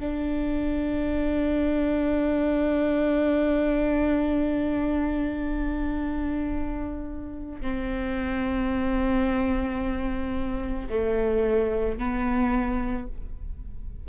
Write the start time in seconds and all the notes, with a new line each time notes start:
0.00 D4
7.62 C4
10.89 A3
11.99 B3